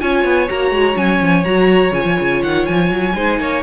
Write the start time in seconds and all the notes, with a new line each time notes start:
0.00 C#4 F4 C#5 G#5
0.24 B3
0.49 A#3 F#4 A#5
0.71 G#3
0.95 F#3 C#4 G#5
1.21 F3
1.44 F#3 F#4 A#5
1.91 C#3 F4 G#5
2.05 F3
2.20 C#3
2.43 D#3 F#5
2.66 F3 G#5
2.90 F#3
3.14 G#3 D#4 C5
3.38 A#3 C#5